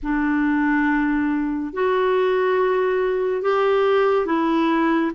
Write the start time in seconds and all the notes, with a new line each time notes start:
0.02 D4
1.73 F#4
3.41 G4
4.25 E4